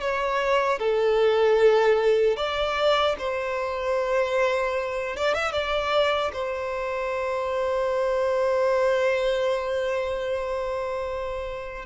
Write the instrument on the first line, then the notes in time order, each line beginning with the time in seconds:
violin
0.00 C#5
0.79 A4
2.36 D5
3.18 C5
5.16 D5
5.34 E5
5.52 D5
6.33 C5